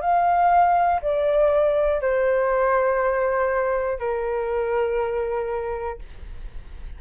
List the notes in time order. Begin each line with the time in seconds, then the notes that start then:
0.00 F5
1.01 D5
2.00 C5
3.98 A#4